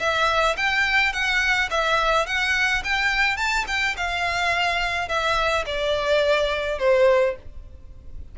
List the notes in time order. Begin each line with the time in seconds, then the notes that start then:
0.00 E5
0.57 G5
1.13 F#5
1.71 E5
2.27 F#5
2.84 G5
3.37 A5
3.68 G5
3.97 F5
5.09 E5
5.67 D5
6.79 C5